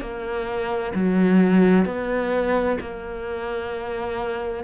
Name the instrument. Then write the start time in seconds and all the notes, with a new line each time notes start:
cello
0.00 A#3
0.94 F#3
1.85 B3
2.80 A#3